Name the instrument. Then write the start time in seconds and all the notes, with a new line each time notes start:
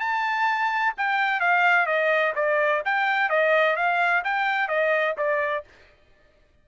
trumpet
0.00 A5
0.98 G5
1.41 F5
1.86 D#5
2.36 D5
2.86 G5
3.30 D#5
3.76 F5
4.25 G5
4.69 D#5
5.18 D5